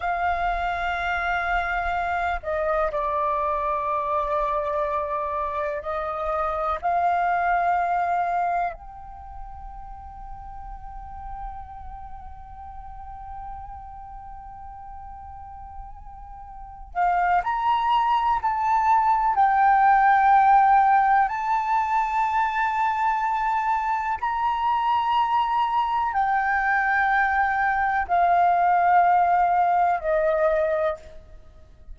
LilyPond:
\new Staff \with { instrumentName = "flute" } { \time 4/4 \tempo 4 = 62 f''2~ f''8 dis''8 d''4~ | d''2 dis''4 f''4~ | f''4 g''2.~ | g''1~ |
g''4. f''8 ais''4 a''4 | g''2 a''2~ | a''4 ais''2 g''4~ | g''4 f''2 dis''4 | }